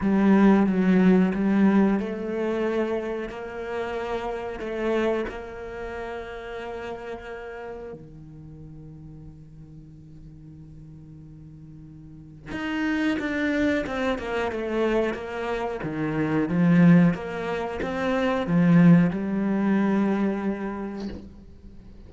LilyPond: \new Staff \with { instrumentName = "cello" } { \time 4/4 \tempo 4 = 91 g4 fis4 g4 a4~ | a4 ais2 a4 | ais1 | dis1~ |
dis2. dis'4 | d'4 c'8 ais8 a4 ais4 | dis4 f4 ais4 c'4 | f4 g2. | }